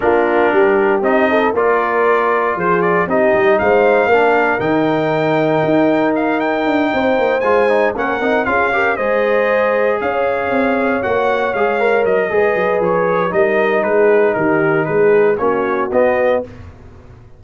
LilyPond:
<<
  \new Staff \with { instrumentName = "trumpet" } { \time 4/4 \tempo 4 = 117 ais'2 dis''4 d''4~ | d''4 c''8 d''8 dis''4 f''4~ | f''4 g''2. | f''8 g''2 gis''4 fis''8~ |
fis''8 f''4 dis''2 f''8~ | f''4. fis''4 f''4 dis''8~ | dis''4 cis''4 dis''4 b'4 | ais'4 b'4 cis''4 dis''4 | }
  \new Staff \with { instrumentName = "horn" } { \time 4/4 f'4 g'4. a'8 ais'4~ | ais'4 gis'4 g'4 c''4 | ais'1~ | ais'4. c''2 ais'8~ |
ais'8 gis'8 ais'8 c''2 cis''8~ | cis''1 | b'2 ais'4 gis'4 | g'4 gis'4 fis'2 | }
  \new Staff \with { instrumentName = "trombone" } { \time 4/4 d'2 dis'4 f'4~ | f'2 dis'2 | d'4 dis'2.~ | dis'2~ dis'8 f'8 dis'8 cis'8 |
dis'8 f'8 g'8 gis'2~ gis'8~ | gis'4. fis'4 gis'8 ais'4 | gis'2 dis'2~ | dis'2 cis'4 b4 | }
  \new Staff \with { instrumentName = "tuba" } { \time 4/4 ais4 g4 c'4 ais4~ | ais4 f4 c'8 g8 gis4 | ais4 dis2 dis'4~ | dis'4 d'8 c'8 ais8 gis4 ais8 |
c'8 cis'4 gis2 cis'8~ | cis'8 c'4 ais4 gis4 fis8 | gis8 fis8 f4 g4 gis4 | dis4 gis4 ais4 b4 | }
>>